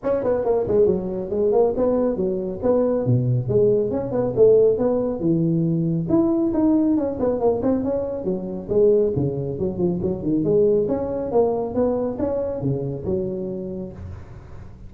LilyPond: \new Staff \with { instrumentName = "tuba" } { \time 4/4 \tempo 4 = 138 cis'8 b8 ais8 gis8 fis4 gis8 ais8 | b4 fis4 b4 b,4 | gis4 cis'8 b8 a4 b4 | e2 e'4 dis'4 |
cis'8 b8 ais8 c'8 cis'4 fis4 | gis4 cis4 fis8 f8 fis8 dis8 | gis4 cis'4 ais4 b4 | cis'4 cis4 fis2 | }